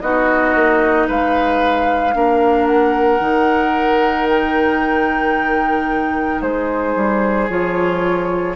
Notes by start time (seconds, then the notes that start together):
0.00 B3 D#4 F#4 D#5
0.54 A#3
1.07 G#3 B4 F5
2.12 A#3 D4 A#4
2.66 F#5
3.19 D#3 D#4
4.28 G5
6.41 G#3 G#4 C5
6.95 G3
7.48 F3 F4 C#5